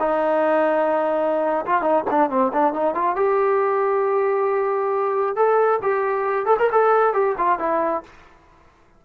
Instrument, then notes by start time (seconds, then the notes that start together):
trombone
0.00 D#4
1.66 F4
1.82 D#4
2.11 D4
2.30 C4
2.53 D4
2.73 D#4
2.95 F4
3.16 G4
5.36 A4
5.82 G4
6.46 A4
6.59 A#4
6.72 A4
7.13 G4
7.38 F4
7.59 E4